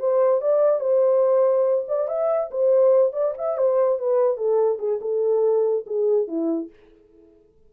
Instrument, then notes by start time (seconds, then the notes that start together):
horn
0.00 C5
0.41 D5
0.80 C5
1.88 D5
2.08 E5
2.51 C5
3.13 D5
3.38 E5
3.58 C5
3.99 B4
4.38 A4
4.79 G#4
5.01 A4
5.87 G#4
6.28 E4